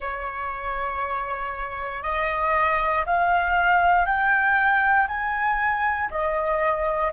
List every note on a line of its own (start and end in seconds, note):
0.00 2.02 C#5
2.02 3.04 D#5
3.06 4.05 F5
4.05 5.07 G5
5.08 6.09 G#5
6.10 7.12 D#5